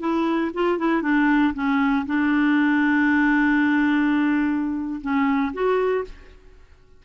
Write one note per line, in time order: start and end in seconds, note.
0.00 0.51 E4
0.54 0.78 F4
0.78 1.02 E4
1.02 1.54 D4
1.54 2.06 C#4
2.06 5.01 D4
5.01 5.53 C#4
5.53 6.04 F#4